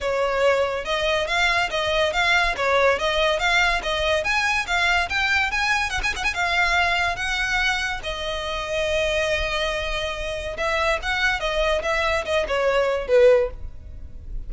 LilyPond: \new Staff \with { instrumentName = "violin" } { \time 4/4 \tempo 4 = 142 cis''2 dis''4 f''4 | dis''4 f''4 cis''4 dis''4 | f''4 dis''4 gis''4 f''4 | g''4 gis''4 fis''16 gis''16 fis''16 gis''16 f''4~ |
f''4 fis''2 dis''4~ | dis''1~ | dis''4 e''4 fis''4 dis''4 | e''4 dis''8 cis''4. b'4 | }